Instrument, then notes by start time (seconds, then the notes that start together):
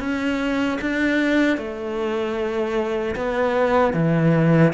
cello
0.00 C#4
0.81 D4
1.58 A3
3.16 B3
3.94 E3